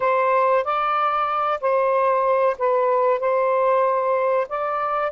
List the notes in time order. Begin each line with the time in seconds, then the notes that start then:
0.00 C5
0.64 D5
1.60 C5
2.58 B4
3.19 C5
4.48 D5